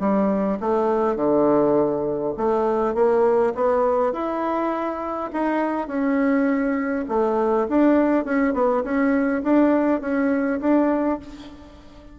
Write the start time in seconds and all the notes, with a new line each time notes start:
0.00 G3
0.60 A3
1.16 D3
2.37 A3
2.94 A#3
3.55 B3
4.13 E4
5.33 D#4
5.88 C#4
7.09 A3
7.68 D4
8.25 C#4
8.54 B3
8.83 C#4
9.43 D4
10.01 C#4
10.60 D4